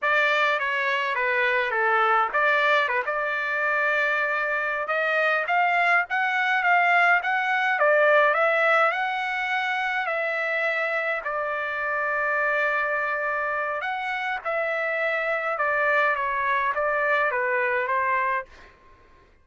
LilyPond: \new Staff \with { instrumentName = "trumpet" } { \time 4/4 \tempo 4 = 104 d''4 cis''4 b'4 a'4 | d''4 b'16 d''2~ d''8.~ | d''8 dis''4 f''4 fis''4 f''8~ | f''8 fis''4 d''4 e''4 fis''8~ |
fis''4. e''2 d''8~ | d''1 | fis''4 e''2 d''4 | cis''4 d''4 b'4 c''4 | }